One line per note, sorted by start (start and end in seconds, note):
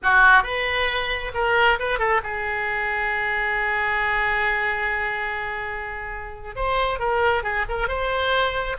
0.02 0.43 F#4
0.43 1.32 B4
1.34 1.78 A#4
1.79 1.98 B4
1.98 2.21 A4
2.23 6.55 G#4
6.55 6.99 C5
6.99 7.43 A#4
7.43 7.65 G#4
7.68 7.88 A#4
7.88 8.77 C5